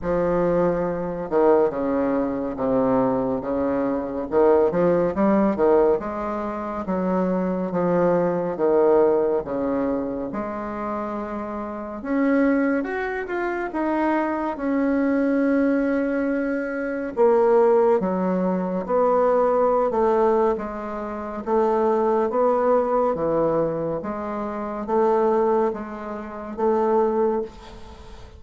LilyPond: \new Staff \with { instrumentName = "bassoon" } { \time 4/4 \tempo 4 = 70 f4. dis8 cis4 c4 | cis4 dis8 f8 g8 dis8 gis4 | fis4 f4 dis4 cis4 | gis2 cis'4 fis'8 f'8 |
dis'4 cis'2. | ais4 fis4 b4~ b16 a8. | gis4 a4 b4 e4 | gis4 a4 gis4 a4 | }